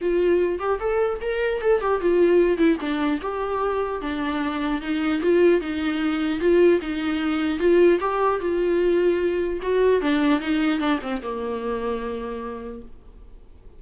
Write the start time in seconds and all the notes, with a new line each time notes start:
0.01 F4
0.59 G4
0.79 A4
1.21 A#4
1.61 A4
1.80 G4
2.01 F4
2.57 E4
2.80 D4
3.21 G4
4.01 D4
4.81 D#4
5.21 F4
5.61 D#4
6.39 F4
6.81 D#4
7.59 F4
7.99 G4
8.40 F4
9.62 F#4
10.01 D4
10.40 D#4
10.79 D4
11.01 C4
11.22 A#3